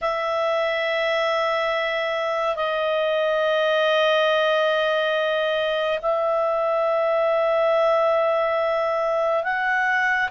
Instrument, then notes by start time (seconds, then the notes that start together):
clarinet
0.01 E5
2.56 D#5
6.02 E5
9.43 F#5